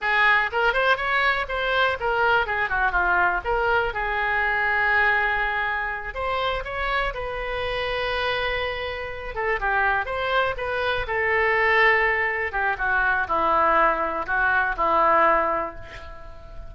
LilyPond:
\new Staff \with { instrumentName = "oboe" } { \time 4/4 \tempo 4 = 122 gis'4 ais'8 c''8 cis''4 c''4 | ais'4 gis'8 fis'8 f'4 ais'4 | gis'1~ | gis'8 c''4 cis''4 b'4.~ |
b'2. a'8 g'8~ | g'8 c''4 b'4 a'4.~ | a'4. g'8 fis'4 e'4~ | e'4 fis'4 e'2 | }